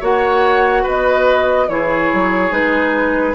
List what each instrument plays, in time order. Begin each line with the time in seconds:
0.00 bassoon A#3, clarinet F#4, oboe C#5, flute F#5
0.83 bassoon B3, oboe B4, flute D#5
1.68 bassoon E3, clarinet E4, oboe G#4, flute C#5
2.14 bassoon F#3
2.50 bassoon G#3, clarinet D#4, flute B4